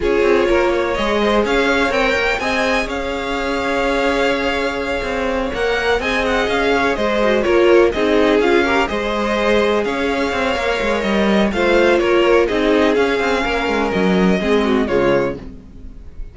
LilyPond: <<
  \new Staff \with { instrumentName = "violin" } { \time 4/4 \tempo 4 = 125 cis''2 dis''4 f''4 | g''4 gis''4 f''2~ | f''2.~ f''8 fis''8~ | fis''8 gis''8 fis''8 f''4 dis''4 cis''8~ |
cis''8 dis''4 f''4 dis''4.~ | dis''8 f''2~ f''8 dis''4 | f''4 cis''4 dis''4 f''4~ | f''4 dis''2 cis''4 | }
  \new Staff \with { instrumentName = "violin" } { \time 4/4 gis'4 ais'8 cis''4 c''8 cis''4~ | cis''4 dis''4 cis''2~ | cis''1~ | cis''8 dis''4. cis''8 c''4 ais'8~ |
ais'8 gis'4. ais'8 c''4.~ | c''8 cis''2.~ cis''8 | c''4 ais'4 gis'2 | ais'2 gis'8 fis'8 f'4 | }
  \new Staff \with { instrumentName = "viola" } { \time 4/4 f'2 gis'2 | ais'4 gis'2.~ | gis'2.~ gis'8 ais'8~ | ais'8 gis'2~ gis'8 fis'8 f'8~ |
f'8 dis'4 f'8 g'8 gis'4.~ | gis'2 ais'2 | f'2 dis'4 cis'4~ | cis'2 c'4 gis4 | }
  \new Staff \with { instrumentName = "cello" } { \time 4/4 cis'8 c'8 ais4 gis4 cis'4 | c'8 ais8 c'4 cis'2~ | cis'2~ cis'8 c'4 ais8~ | ais8 c'4 cis'4 gis4 ais8~ |
ais8 c'4 cis'4 gis4.~ | gis8 cis'4 c'8 ais8 gis8 g4 | a4 ais4 c'4 cis'8 c'8 | ais8 gis8 fis4 gis4 cis4 | }
>>